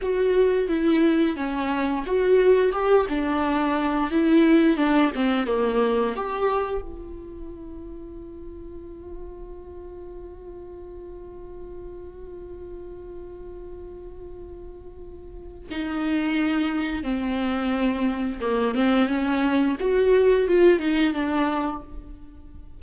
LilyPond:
\new Staff \with { instrumentName = "viola" } { \time 4/4 \tempo 4 = 88 fis'4 e'4 cis'4 fis'4 | g'8 d'4. e'4 d'8 c'8 | ais4 g'4 f'2~ | f'1~ |
f'1~ | f'2. dis'4~ | dis'4 c'2 ais8 c'8 | cis'4 fis'4 f'8 dis'8 d'4 | }